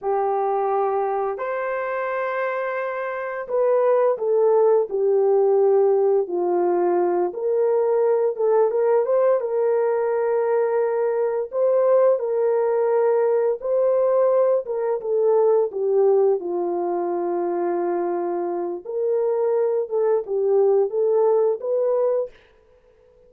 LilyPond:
\new Staff \with { instrumentName = "horn" } { \time 4/4 \tempo 4 = 86 g'2 c''2~ | c''4 b'4 a'4 g'4~ | g'4 f'4. ais'4. | a'8 ais'8 c''8 ais'2~ ais'8~ |
ais'8 c''4 ais'2 c''8~ | c''4 ais'8 a'4 g'4 f'8~ | f'2. ais'4~ | ais'8 a'8 g'4 a'4 b'4 | }